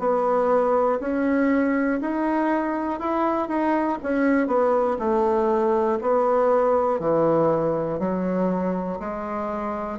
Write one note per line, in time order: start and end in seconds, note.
0.00 1.00 B3
1.01 2.01 C#4
2.01 3.00 D#4
3.00 3.48 E4
3.48 3.98 D#4
4.04 4.48 C#4
4.48 4.98 B3
5.00 6.00 A3
6.02 7.00 B3
7.00 8.00 E3
8.00 9.00 F#3
9.00 9.99 G#3